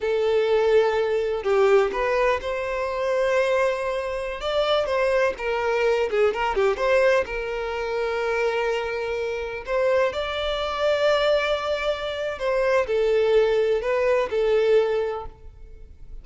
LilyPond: \new Staff \with { instrumentName = "violin" } { \time 4/4 \tempo 4 = 126 a'2. g'4 | b'4 c''2.~ | c''4~ c''16 d''4 c''4 ais'8.~ | ais'8. gis'8 ais'8 g'8 c''4 ais'8.~ |
ais'1~ | ais'16 c''4 d''2~ d''8.~ | d''2 c''4 a'4~ | a'4 b'4 a'2 | }